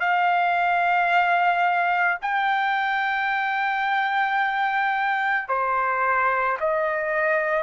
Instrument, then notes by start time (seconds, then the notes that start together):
trumpet
0.00 F5
2.22 G5
5.48 C5
6.60 D#5